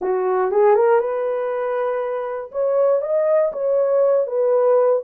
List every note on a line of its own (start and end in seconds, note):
0.01 0.51 F#4
0.51 0.75 G#4
0.75 0.99 A#4
0.99 2.51 B4
2.51 3.01 C#5
3.01 3.52 D#5
3.52 4.26 C#5
4.26 5.02 B4